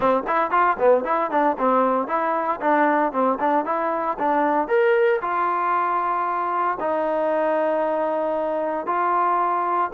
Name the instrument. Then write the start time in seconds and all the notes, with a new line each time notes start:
trombone
0.00 C4
0.27 E4
0.50 F4
0.79 B3
1.04 E4
1.30 D4
1.58 C4
2.07 E4
2.60 D4
3.12 C4
3.39 D4
3.65 E4
4.19 D4
4.67 A#4
5.21 F4
6.79 D#4
8.86 F4